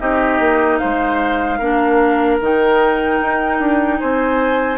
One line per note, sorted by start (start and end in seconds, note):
0.00 0.40 C4
0.00 1.60 D#4
0.00 0.81 G4
0.00 0.78 D#5
0.40 0.80 A#3
0.78 1.59 C5
0.78 2.38 F5
0.85 1.60 G#3
1.59 2.40 A#3
1.59 2.42 D4
1.59 3.99 A#4
2.41 3.21 D#3
2.41 4.78 D#4
2.41 4.00 G5
3.22 3.60 D#4
3.60 4.00 D4
4.00 4.78 C4
4.00 4.78 C5
4.00 4.78 G#5